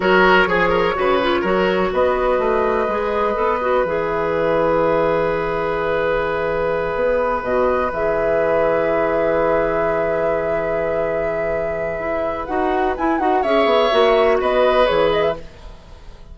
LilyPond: <<
  \new Staff \with { instrumentName = "flute" } { \time 4/4 \tempo 4 = 125 cis''1 | dis''1 | e''1~ | e''2.~ e''8 dis''8~ |
dis''8 e''2.~ e''8~ | e''1~ | e''2 fis''4 gis''8 fis''8 | e''2 dis''4 cis''8 dis''16 e''16 | }
  \new Staff \with { instrumentName = "oboe" } { \time 4/4 ais'4 gis'8 ais'8 b'4 ais'4 | b'1~ | b'1~ | b'1~ |
b'1~ | b'1~ | b'1 | cis''2 b'2 | }
  \new Staff \with { instrumentName = "clarinet" } { \time 4/4 fis'4 gis'4 fis'8 f'8 fis'4~ | fis'2 gis'4 a'8 fis'8 | gis'1~ | gis'2.~ gis'8 fis'8~ |
fis'8 gis'2.~ gis'8~ | gis'1~ | gis'2 fis'4 e'8 fis'8 | gis'4 fis'2 gis'4 | }
  \new Staff \with { instrumentName = "bassoon" } { \time 4/4 fis4 f4 cis4 fis4 | b4 a4 gis4 b4 | e1~ | e2~ e8 b4 b,8~ |
b,8 e2.~ e8~ | e1~ | e4 e'4 dis'4 e'8 dis'8 | cis'8 b8 ais4 b4 e4 | }
>>